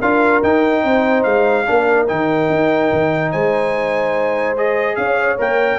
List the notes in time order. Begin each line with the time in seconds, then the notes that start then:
0.00 D4 F4 A#4 F5
0.43 D#4 G5
0.83 C4 C5
1.23 G#3 F5
1.66 A#3 D4 A#4
2.08 D#3 D#4 G5
2.50 D#4
2.93 D#3
3.32 G#3 C5 G#5
4.57 G#4 D#5
4.96 C#4 C#5 F5
5.38 A#3 A#4 G5